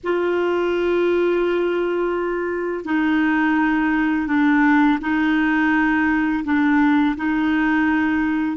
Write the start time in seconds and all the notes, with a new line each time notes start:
0.03 F4
2.84 D#4
4.27 D4
5.01 D#4
6.44 D4
7.16 D#4